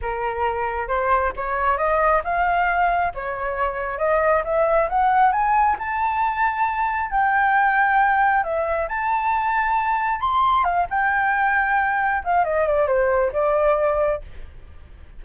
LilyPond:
\new Staff \with { instrumentName = "flute" } { \time 4/4 \tempo 4 = 135 ais'2 c''4 cis''4 | dis''4 f''2 cis''4~ | cis''4 dis''4 e''4 fis''4 | gis''4 a''2. |
g''2. e''4 | a''2. c'''4 | f''8 g''2. f''8 | dis''8 d''8 c''4 d''2 | }